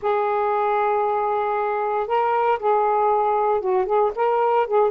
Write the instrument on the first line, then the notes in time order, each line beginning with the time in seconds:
saxophone
0.01 G#4
2.07 A#4
2.59 G#4
3.61 F#4
3.85 G#4
4.15 A#4
4.67 G#4